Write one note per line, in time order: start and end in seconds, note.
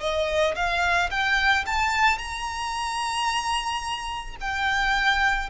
0.00 0.55 D#5
0.55 1.10 F5
1.10 1.65 G5
1.66 2.18 A5
2.18 4.36 A#5
4.41 5.50 G5